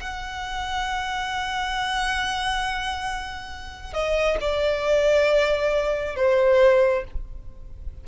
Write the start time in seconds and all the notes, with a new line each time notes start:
0.00 F#5
3.93 D#5
4.41 D5
6.16 C5